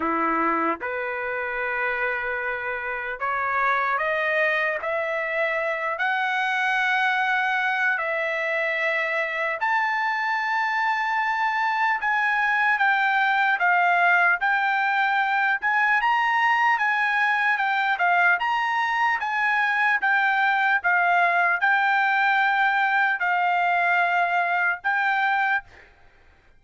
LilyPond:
\new Staff \with { instrumentName = "trumpet" } { \time 4/4 \tempo 4 = 75 e'4 b'2. | cis''4 dis''4 e''4. fis''8~ | fis''2 e''2 | a''2. gis''4 |
g''4 f''4 g''4. gis''8 | ais''4 gis''4 g''8 f''8 ais''4 | gis''4 g''4 f''4 g''4~ | g''4 f''2 g''4 | }